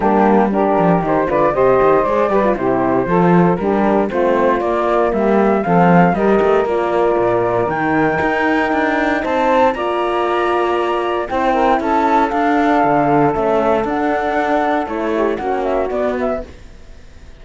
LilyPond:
<<
  \new Staff \with { instrumentName = "flute" } { \time 4/4 \tempo 4 = 117 g'4 ais'4 c''8 d''8 dis''4 | d''4 c''2 ais'4 | c''4 d''4 e''4 f''4 | dis''4 d''2 g''4~ |
g''2 a''4 ais''4~ | ais''2 g''4 a''4 | f''2 e''4 fis''4~ | fis''4 cis''4 fis''8 e''8 d''8 e''8 | }
  \new Staff \with { instrumentName = "saxophone" } { \time 4/4 d'4 g'4. b'8 c''4~ | c''8 b'8 g'4 a'4 g'4 | f'2 g'4 a'4 | ais'1~ |
ais'2 c''4 d''4~ | d''2 c''8 ais'8 a'4~ | a'1~ | a'4. g'8 fis'2 | }
  \new Staff \with { instrumentName = "horn" } { \time 4/4 ais4 d'4 dis'8 f'8 g'4 | gis'8 g'16 f'16 e'4 f'4 d'4 | c'4 ais2 c'4 | g'4 f'2 dis'4~ |
dis'2. f'4~ | f'2 e'2 | d'2 cis'4 d'4~ | d'4 e'4 cis'4 b4 | }
  \new Staff \with { instrumentName = "cello" } { \time 4/4 g4. f8 dis8 d8 c8 dis8 | gis8 g8 c4 f4 g4 | a4 ais4 g4 f4 | g8 a8 ais4 ais,4 dis4 |
dis'4 d'4 c'4 ais4~ | ais2 c'4 cis'4 | d'4 d4 a4 d'4~ | d'4 a4 ais4 b4 | }
>>